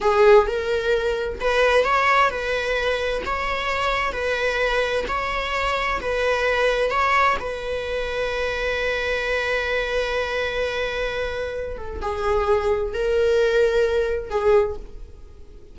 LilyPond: \new Staff \with { instrumentName = "viola" } { \time 4/4 \tempo 4 = 130 gis'4 ais'2 b'4 | cis''4 b'2 cis''4~ | cis''4 b'2 cis''4~ | cis''4 b'2 cis''4 |
b'1~ | b'1~ | b'4. a'8 gis'2 | ais'2. gis'4 | }